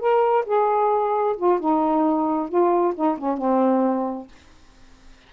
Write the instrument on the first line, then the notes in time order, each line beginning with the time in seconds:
saxophone
0.00 A#4
0.46 G#4
1.37 F4
1.60 D#4
2.49 F4
2.96 D#4
3.18 C#4
3.38 C4